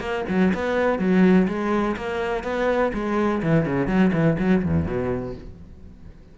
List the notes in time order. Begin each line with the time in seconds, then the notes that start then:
0.00 A#3
0.29 F#3
0.54 B3
0.99 F#3
1.48 G#3
1.96 A#3
2.43 B3
2.93 G#3
3.42 E3
3.66 C#3
3.87 F#3
4.13 E3
4.39 F#3
4.64 E2
4.86 B2